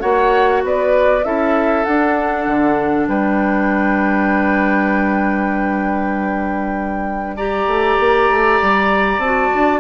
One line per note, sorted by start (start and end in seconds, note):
0.00 0.64 A#3
0.00 1.22 F#4
0.00 0.63 C#5
0.00 0.62 F#5
0.64 1.25 B3
0.64 1.26 B4
0.64 1.24 D5
1.24 1.86 C#4
1.24 1.85 E4
1.24 3.09 A4
1.24 1.85 E5
1.85 7.38 D4
1.85 2.48 D4
1.85 3.07 F#5
2.48 3.08 D3
3.08 7.67 G3
3.08 7.37 B4
3.08 7.37 G5
7.37 9.22 G4
7.37 9.80 D5
7.37 9.20 A#5
7.67 7.98 A3
7.99 8.30 A#3
8.30 8.61 A3
8.61 9.18 G3
9.18 9.49 C4
9.18 9.80 A5
9.24 9.80 F#4
9.54 9.80 D4